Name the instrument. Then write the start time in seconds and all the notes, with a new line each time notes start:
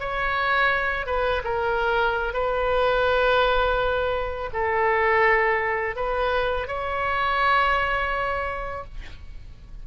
oboe
0.00 C#5
1.06 B4
1.44 A#4
2.34 B4
4.53 A4
5.96 B4
6.68 C#5